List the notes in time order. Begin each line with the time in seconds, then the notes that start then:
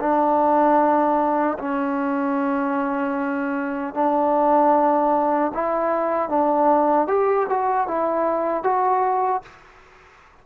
0.00 D4
1.59 C#4
3.94 D4
5.54 E4
6.29 D4
7.07 G4
7.49 F#4
7.87 E4
8.63 F#4